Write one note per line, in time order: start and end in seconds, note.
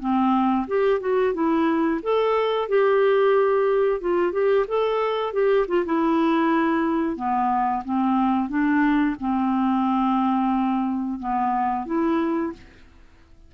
0.00 0.67 C4
0.68 1.01 G4
1.01 1.34 F#4
1.34 2.01 E4
2.03 2.69 A4
2.69 4.01 G4
4.01 4.33 F4
4.33 4.66 G4
4.68 5.33 A4
5.33 5.66 G4
5.68 5.85 F4
5.86 7.16 E4
7.16 7.83 B3
7.85 8.49 C4
8.49 9.16 D4
9.20 11.19 C4
11.19 11.86 B3
11.86 12.53 E4